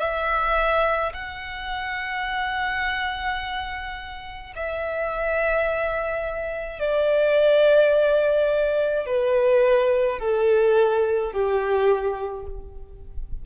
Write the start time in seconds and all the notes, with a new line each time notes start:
0.00 E5
1.14 F#5
4.56 E5
6.80 D5
9.06 B4
10.19 A4
11.33 G4